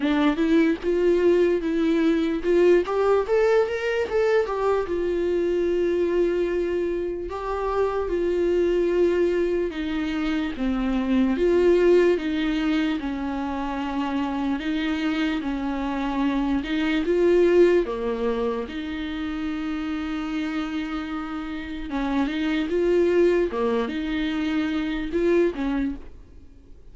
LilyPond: \new Staff \with { instrumentName = "viola" } { \time 4/4 \tempo 4 = 74 d'8 e'8 f'4 e'4 f'8 g'8 | a'8 ais'8 a'8 g'8 f'2~ | f'4 g'4 f'2 | dis'4 c'4 f'4 dis'4 |
cis'2 dis'4 cis'4~ | cis'8 dis'8 f'4 ais4 dis'4~ | dis'2. cis'8 dis'8 | f'4 ais8 dis'4. f'8 cis'8 | }